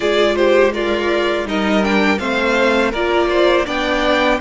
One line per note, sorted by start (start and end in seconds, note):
0.00 1.45 G#3
0.00 0.72 F4
0.00 0.35 G#4
0.00 0.35 D5
0.35 0.74 G4
0.35 0.72 C5
0.72 1.47 F4
0.72 1.45 A#4
0.72 1.47 D5
1.45 2.18 G3
1.45 1.81 D#4
1.45 2.19 A#4
1.45 1.84 D#5
1.82 2.18 D4
1.82 2.18 G5
2.18 2.93 A3
2.18 2.91 C4
2.18 2.90 C5
2.18 2.91 F5
2.90 3.66 A#3
2.90 3.65 F4
2.90 3.27 A#4
2.90 3.66 D5
3.29 3.65 C5
3.65 4.39 B3
3.65 4.38 D4
3.65 4.39 D5
3.65 4.40 G5